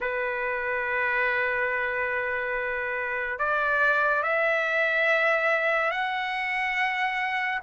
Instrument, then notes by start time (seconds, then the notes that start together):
trumpet
0.00 B4
3.38 D5
4.23 E5
5.90 F#5